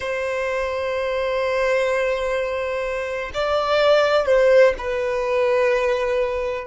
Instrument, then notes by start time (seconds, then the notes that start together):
violin
0.00 C5
3.33 D5
4.26 C5
4.77 B4